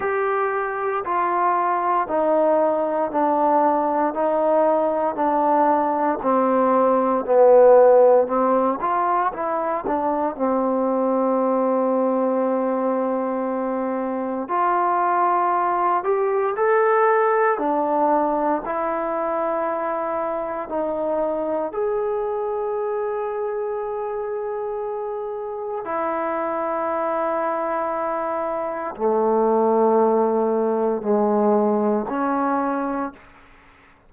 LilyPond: \new Staff \with { instrumentName = "trombone" } { \time 4/4 \tempo 4 = 58 g'4 f'4 dis'4 d'4 | dis'4 d'4 c'4 b4 | c'8 f'8 e'8 d'8 c'2~ | c'2 f'4. g'8 |
a'4 d'4 e'2 | dis'4 gis'2.~ | gis'4 e'2. | a2 gis4 cis'4 | }